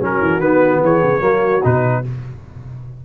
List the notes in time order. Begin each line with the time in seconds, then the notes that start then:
0.00 F#3 C#4 F#4 A#4
0.21 E3
0.39 D#3 B3 B4
0.82 E3 G#4 C#5
1.03 C#3
1.20 F#3 A#3 F#4
1.63 B2 D#4 B4